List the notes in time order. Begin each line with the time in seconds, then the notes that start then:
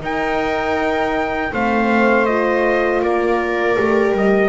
0.00 D#4 A#4 G5
1.52 A3 C4 C5 F5
2.26 F4 D#5
3.02 A#3 A#4 D5
3.78 A3 G4
4.12 G3 D#5